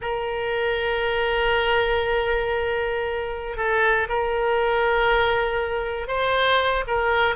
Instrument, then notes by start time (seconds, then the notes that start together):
oboe
0.01 A#4
3.56 A4
4.08 A#4
6.07 C5
6.87 A#4